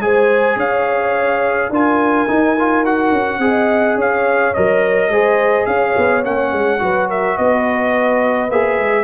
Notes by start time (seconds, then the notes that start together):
0.00 G#3 G#4 C5 G#5
0.56 C#4 C#5 F5
1.70 D4 F4 A#4 G#5
2.28 D#4
2.59 F4
2.85 F#4 F#5
3.12 C#4
3.39 C4 G#4 D#5
3.95 C#4 C#5 F5
4.54 F#3 A#4 D#5
5.09 G#3 G#4 C5
5.66 C#4 C#5 F5
5.97 B3
6.24 A#3 C#4 F#5
6.53 G#3
6.79 F#3 F#4 B4
7.09 A#4 E5
7.38 B3 B4 D#5
8.51 A#3 G#4 E5
8.79 G#3